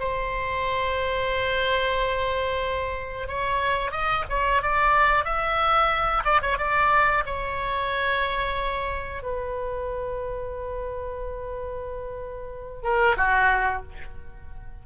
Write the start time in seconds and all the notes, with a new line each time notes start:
0.00 C5
3.28 C#5
3.91 D#5
4.30 C#5
4.62 D5
5.24 E5
6.25 D5
6.42 C#5
6.58 D5
7.26 C#5
9.22 B4
12.83 A#4
13.17 F#4